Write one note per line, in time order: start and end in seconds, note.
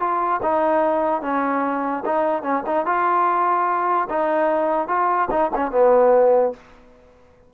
0.00 0.41 F4
0.43 1.22 D#4
1.22 2.03 C#4
2.06 2.42 D#4
2.42 2.63 C#4
2.66 2.86 D#4
2.86 4.09 F4
4.10 4.88 D#4
4.88 5.29 F4
5.31 5.51 D#4
5.55 5.72 C#4
5.72 6.53 B3